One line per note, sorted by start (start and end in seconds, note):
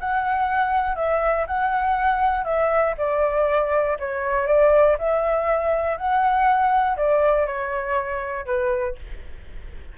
0.00 0.96 F#5
0.96 1.46 E5
1.47 2.45 F#5
2.45 2.95 E5
2.98 3.98 D5
3.99 4.47 C#5
4.47 4.97 D5
4.99 5.97 E5
5.97 6.97 F#5
6.97 7.47 D5
7.47 8.46 C#5
8.46 8.96 B4